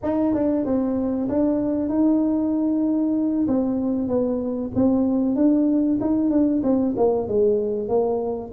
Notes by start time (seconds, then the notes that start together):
0.02 D#4
0.33 D4
0.65 C4
1.28 D4
1.89 D#4
3.47 C4
4.07 B3
4.75 C4
5.35 D4
6.01 D#4
6.30 D4
6.63 C4
6.96 A#3
7.28 G#3
7.88 A#3